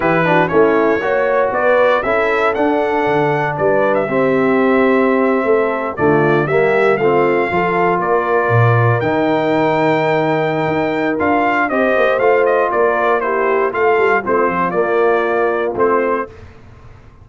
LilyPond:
<<
  \new Staff \with { instrumentName = "trumpet" } { \time 4/4 \tempo 4 = 118 b'4 cis''2 d''4 | e''4 fis''2 d''8. e''16~ | e''2.~ e''8. d''16~ | d''8. e''4 f''2 d''16~ |
d''4.~ d''16 g''2~ g''16~ | g''2 f''4 dis''4 | f''8 dis''8 d''4 c''4 f''4 | c''4 d''2 c''4 | }
  \new Staff \with { instrumentName = "horn" } { \time 4/4 g'8 fis'8 e'4 cis''4 b'4 | a'2. b'4 | g'2~ g'8. a'4 f'16~ | f'8. g'4 f'4 a'4 ais'16~ |
ais'1~ | ais'2. c''4~ | c''4 ais'4 g'4 a'4 | f'1 | }
  \new Staff \with { instrumentName = "trombone" } { \time 4/4 e'8 d'8 cis'4 fis'2 | e'4 d'2. | c'2.~ c'8. a16~ | a8. ais4 c'4 f'4~ f'16~ |
f'4.~ f'16 dis'2~ dis'16~ | dis'2 f'4 g'4 | f'2 e'4 f'4 | c'4 ais2 c'4 | }
  \new Staff \with { instrumentName = "tuba" } { \time 4/4 e4 a4 ais4 b4 | cis'4 d'4 d4 g4 | c'2~ c'8. a4 d16~ | d8. g4 a4 f4 ais16~ |
ais8. ais,4 dis2~ dis16~ | dis4 dis'4 d'4 c'8 ais8 | a4 ais2 a8 g8 | a8 f8 ais2 a4 | }
>>